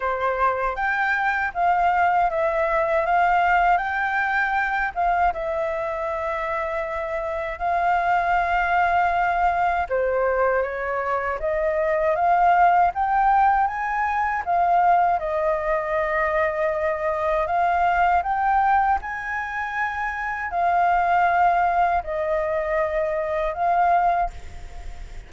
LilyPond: \new Staff \with { instrumentName = "flute" } { \time 4/4 \tempo 4 = 79 c''4 g''4 f''4 e''4 | f''4 g''4. f''8 e''4~ | e''2 f''2~ | f''4 c''4 cis''4 dis''4 |
f''4 g''4 gis''4 f''4 | dis''2. f''4 | g''4 gis''2 f''4~ | f''4 dis''2 f''4 | }